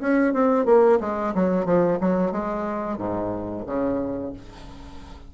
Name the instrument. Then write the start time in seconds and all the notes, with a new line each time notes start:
bassoon
0.00 C#4
0.33 C4
0.65 A#3
1.00 G#3
1.34 F#3
1.65 F3
2.00 F#3
2.32 G#3
2.98 G#2
3.66 C#3